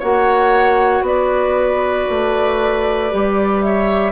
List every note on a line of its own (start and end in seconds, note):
0.00 1.02 A#3
0.00 3.11 F#4
0.00 1.03 C#5
0.00 1.05 F#5
1.02 2.05 B3
1.02 3.65 B4
1.02 3.62 D5
2.10 3.13 A3
3.11 4.12 G3
3.11 4.12 G4
3.62 4.12 C#5
3.62 4.12 E5